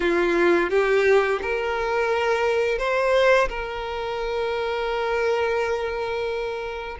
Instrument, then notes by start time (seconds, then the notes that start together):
violin
0.00 F4
0.69 G4
1.41 A#4
2.78 C5
3.48 A#4